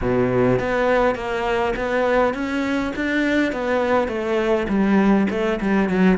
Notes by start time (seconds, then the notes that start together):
0.01 B2
0.59 B3
1.15 A#3
1.76 B3
2.34 C#4
2.95 D4
3.52 B3
4.08 A3
4.68 G3
5.30 A3
5.60 G3
5.89 F#3